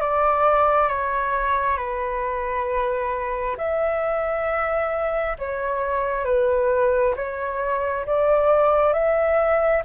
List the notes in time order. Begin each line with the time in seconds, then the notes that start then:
0.00 D5
0.88 C#5
1.77 B4
3.58 E5
5.38 C#5
6.25 B4
7.16 C#5
8.06 D5
8.93 E5